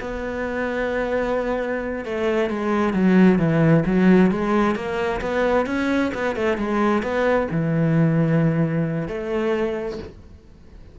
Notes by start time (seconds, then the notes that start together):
0.00 B3
2.05 A3
2.49 G#3
2.93 F#3
3.38 E3
3.86 F#3
4.30 G#3
4.75 A#3
5.21 B3
5.66 C#4
6.14 B3
6.35 A3
6.57 G#3
7.02 B3
7.51 E3
9.07 A3